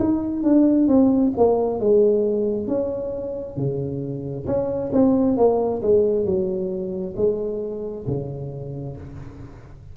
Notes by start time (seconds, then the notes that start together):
0.00 D#4
0.44 D4
0.88 C4
1.37 A#3
1.80 G#3
2.68 C#4
3.57 C#3
4.47 C#4
4.93 C4
5.37 A#3
5.82 G#3
6.25 F#3
7.16 G#3
8.08 C#3